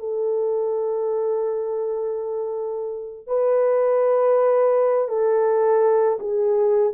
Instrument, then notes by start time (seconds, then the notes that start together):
horn
0.00 A4
3.28 B4
5.09 A4
6.20 G#4